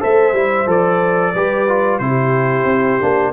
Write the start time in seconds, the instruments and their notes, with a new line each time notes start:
0.00 tuba A3, trombone A4, horn C5, trumpet E5
0.32 tuba G3, trombone E4
0.66 tuba F3, trombone A4, trumpet D5
1.34 tuba G3, trombone G4, horn B4
1.68 trombone F4
1.99 tuba C3, trombone E4, horn G4, trumpet C5
2.64 tuba C4
3.00 tuba A#3, trombone D4